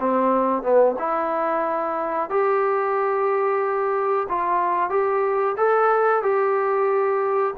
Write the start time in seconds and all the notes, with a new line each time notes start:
0.00 C4
0.63 B3
0.99 E4
2.30 G4
4.29 F4
4.90 G4
5.57 A4
6.23 G4